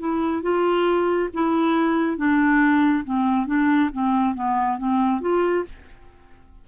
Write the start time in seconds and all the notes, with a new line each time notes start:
0.00 E4
0.43 F4
1.34 E4
2.17 D4
3.05 C4
3.47 D4
3.93 C4
4.35 B3
4.78 C4
5.21 F4